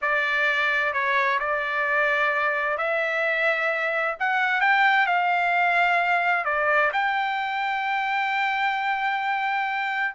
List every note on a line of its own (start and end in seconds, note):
0.01 0.93 D5
0.93 1.39 C#5
1.39 2.77 D5
2.77 4.15 E5
4.19 4.60 F#5
4.60 5.06 G5
5.06 6.44 F5
6.44 6.91 D5
6.93 10.14 G5